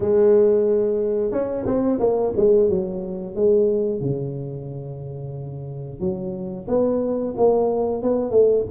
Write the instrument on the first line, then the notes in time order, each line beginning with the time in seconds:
tuba
0.00 G#3
1.31 C#4
1.65 C4
1.99 A#3
2.36 G#3
2.68 F#3
3.35 G#3
4.00 C#3
5.99 F#3
6.67 B3
7.36 A#3
8.02 B3
8.30 A3